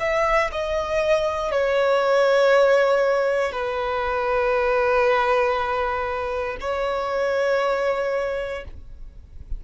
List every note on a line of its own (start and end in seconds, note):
0.00 0.51 E5
0.52 1.52 D#5
1.52 3.52 C#5
3.52 6.57 B4
6.61 8.64 C#5